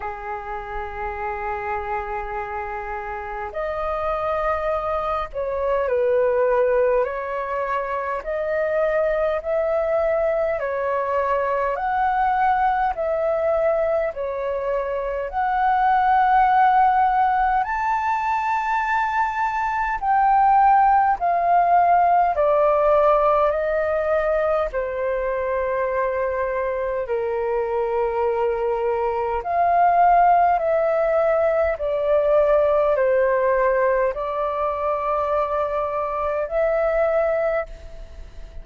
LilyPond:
\new Staff \with { instrumentName = "flute" } { \time 4/4 \tempo 4 = 51 gis'2. dis''4~ | dis''8 cis''8 b'4 cis''4 dis''4 | e''4 cis''4 fis''4 e''4 | cis''4 fis''2 a''4~ |
a''4 g''4 f''4 d''4 | dis''4 c''2 ais'4~ | ais'4 f''4 e''4 d''4 | c''4 d''2 e''4 | }